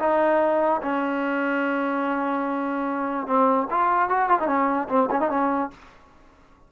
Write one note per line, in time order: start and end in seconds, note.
0.00 0.82 D#4
0.83 3.27 C#4
3.27 3.68 C4
3.71 4.10 F4
4.10 4.29 F#4
4.29 4.40 F4
4.40 4.47 D#4
4.47 4.88 C#4
4.89 5.10 C4
5.11 5.21 C#4
5.21 5.30 D#4
5.30 5.71 C#4